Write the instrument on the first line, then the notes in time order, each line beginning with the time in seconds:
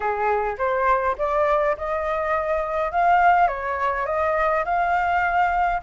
flute
0.00 G#4
0.57 C5
1.18 D5
1.77 D#5
2.91 F5
3.47 C#5
4.06 D#5
4.64 F5